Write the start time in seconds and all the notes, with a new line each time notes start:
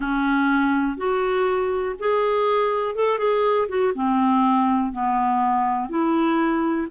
0.00 C#4
0.97 F#4
1.99 G#4
2.95 A4
3.18 G#4
3.68 F#4
3.94 C4
4.92 B3
5.89 E4